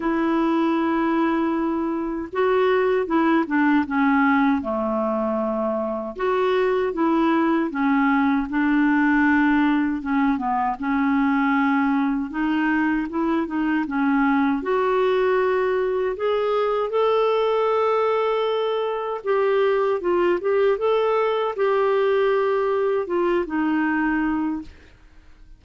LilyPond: \new Staff \with { instrumentName = "clarinet" } { \time 4/4 \tempo 4 = 78 e'2. fis'4 | e'8 d'8 cis'4 a2 | fis'4 e'4 cis'4 d'4~ | d'4 cis'8 b8 cis'2 |
dis'4 e'8 dis'8 cis'4 fis'4~ | fis'4 gis'4 a'2~ | a'4 g'4 f'8 g'8 a'4 | g'2 f'8 dis'4. | }